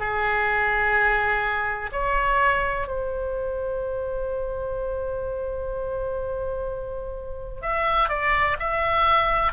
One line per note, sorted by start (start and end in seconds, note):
0.00 1.90 G#4
1.93 2.88 C#5
2.88 7.62 C5
7.62 8.10 E5
8.10 8.57 D5
8.60 9.53 E5